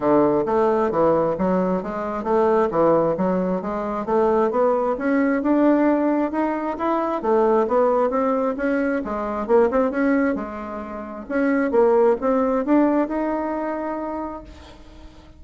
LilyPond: \new Staff \with { instrumentName = "bassoon" } { \time 4/4 \tempo 4 = 133 d4 a4 e4 fis4 | gis4 a4 e4 fis4 | gis4 a4 b4 cis'4 | d'2 dis'4 e'4 |
a4 b4 c'4 cis'4 | gis4 ais8 c'8 cis'4 gis4~ | gis4 cis'4 ais4 c'4 | d'4 dis'2. | }